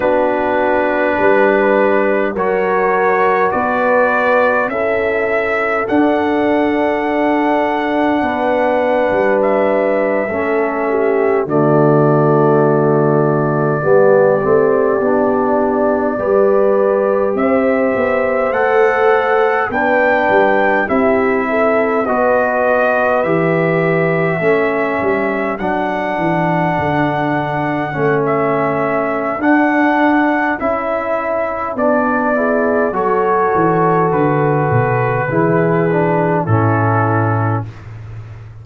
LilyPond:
<<
  \new Staff \with { instrumentName = "trumpet" } { \time 4/4 \tempo 4 = 51 b'2 cis''4 d''4 | e''4 fis''2. | e''4.~ e''16 d''2~ d''16~ | d''2~ d''8. e''4 fis''16~ |
fis''8. g''4 e''4 dis''4 e''16~ | e''4.~ e''16 fis''2~ fis''16 | e''4 fis''4 e''4 d''4 | cis''4 b'2 a'4 | }
  \new Staff \with { instrumentName = "horn" } { \time 4/4 fis'4 b'4 ais'4 b'4 | a'2. b'4~ | b'8. a'8 g'8 fis'2 g'16~ | g'4.~ g'16 b'4 c''4~ c''16~ |
c''8. b'4 g'8 a'8 b'4~ b'16~ | b'8. a'2.~ a'16~ | a'2.~ a'8 gis'8 | a'2 gis'4 e'4 | }
  \new Staff \with { instrumentName = "trombone" } { \time 4/4 d'2 fis'2 | e'4 d'2.~ | d'8. cis'4 a2 b16~ | b16 c'8 d'4 g'2 a'16~ |
a'8. d'4 e'4 fis'4 g'16~ | g'8. cis'4 d'2 cis'16~ | cis'4 d'4 e'4 d'8 e'8 | fis'2 e'8 d'8 cis'4 | }
  \new Staff \with { instrumentName = "tuba" } { \time 4/4 b4 g4 fis4 b4 | cis'4 d'2 b8. g16~ | g8. a4 d2 g16~ | g16 a8 b4 g4 c'8 b8 a16~ |
a8. b8 g8 c'4 b4 e16~ | e8. a8 g8 fis8 e8 d4 a16~ | a4 d'4 cis'4 b4 | fis8 e8 d8 b,8 e4 a,4 | }
>>